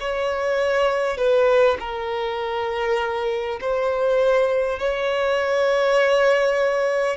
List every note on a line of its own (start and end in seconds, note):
0.00 1.17 C#5
1.17 1.77 B4
1.79 3.59 A#4
3.61 4.79 C5
4.79 7.17 C#5